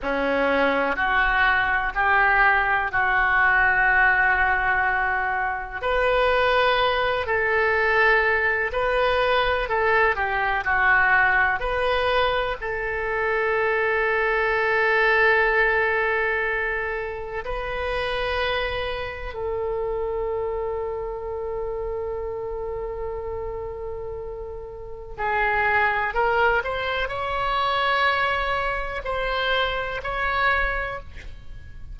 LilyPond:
\new Staff \with { instrumentName = "oboe" } { \time 4/4 \tempo 4 = 62 cis'4 fis'4 g'4 fis'4~ | fis'2 b'4. a'8~ | a'4 b'4 a'8 g'8 fis'4 | b'4 a'2.~ |
a'2 b'2 | a'1~ | a'2 gis'4 ais'8 c''8 | cis''2 c''4 cis''4 | }